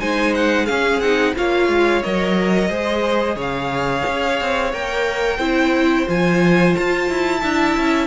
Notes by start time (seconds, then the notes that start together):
0.00 G#3 D#4 C5 G#5
0.35 F#5
0.66 C#4 G#4 F5
1.00 C4 D#4 F#5
1.36 A#3 F4 C#5 F5
1.68 G#3
2.03 F#3 A#4 D#5
2.69 G#3 G#4 C5
3.36 C#3 C#5 F5
4.07 C#4
4.41 C4
4.73 A#3 A#4 G5
5.37 C4 E4 C5
6.06 F3 F4 G#5
6.75 F4 A5
7.10 E4
7.41 D4 E4 E5
7.77 C#4